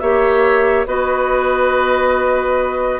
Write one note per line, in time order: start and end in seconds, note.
0.00 0.86 A#3
0.00 0.87 G4
0.00 0.87 C#5
0.00 0.86 E5
0.86 3.00 B3
0.86 3.00 F#4
0.86 3.00 B4
0.86 3.00 D#5